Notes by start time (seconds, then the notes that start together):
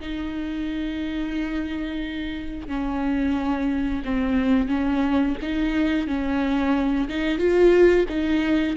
0.00 D#4
2.67 C#4
4.04 C4
4.68 C#4
5.42 D#4
6.07 C#4
7.09 D#4
7.38 F4
8.09 D#4